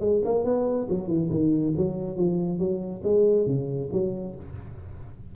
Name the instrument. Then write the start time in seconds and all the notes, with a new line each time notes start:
tuba
0.00 G#3
0.24 A#3
0.44 B3
0.89 F#3
1.07 E3
1.30 D#3
1.77 F#3
2.16 F3
2.59 F#3
3.04 G#3
3.46 C#3
3.92 F#3